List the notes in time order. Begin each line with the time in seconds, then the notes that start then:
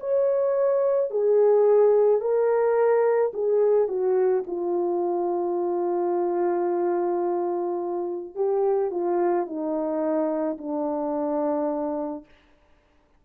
0.00 C#5
1.10 G#4
2.21 A#4
3.33 G#4
3.88 F#4
4.46 F4
8.35 G4
8.90 F4
9.46 D#4
10.58 D4